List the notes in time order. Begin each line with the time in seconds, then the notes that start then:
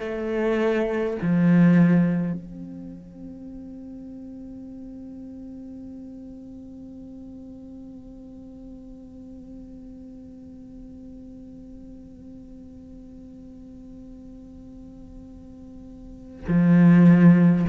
0.00 A3
1.22 F3
2.34 C4
16.49 F3